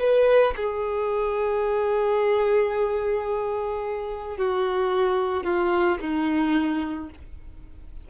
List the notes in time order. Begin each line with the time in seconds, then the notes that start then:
0.00 B4
0.57 G#4
4.37 F#4
5.44 F4
6.00 D#4